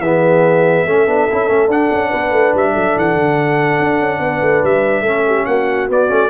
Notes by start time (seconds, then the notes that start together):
0.00 E3 B3 G#4 E5
0.87 A3 C#4 A4
1.07 B3 D4
1.32 C#4 E4
1.48 A3 C#4
1.68 D4 F#5
1.92 C#4
2.09 B3 B4
2.32 A3
2.55 G3 E5
2.74 F#3 A4
2.97 E3 F#5
3.16 D3
3.80 D4
4.00 C#4
4.20 B3 B4
4.42 A3
4.63 G3 E5
5.02 A3 C#4 A4
5.27 G4
5.46 A#3 F#4 F#5
5.90 B3 D5
6.09 A3 C#4